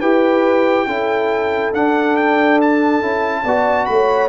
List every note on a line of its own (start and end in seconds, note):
0.00 0.86 E4
0.00 0.88 G4
0.00 0.86 B4
0.00 1.72 G5
0.86 1.72 C#4
0.86 1.74 E4
0.86 3.43 A4
1.73 3.01 D4
1.73 3.02 D4
1.73 2.16 F#5
2.16 2.59 G5
2.61 3.86 A5
3.01 3.44 C#4
3.01 3.45 E4
3.44 3.88 B3
3.44 4.29 F#4
3.44 3.87 D5
3.86 4.29 A3
3.86 4.29 C#5
3.86 4.29 B5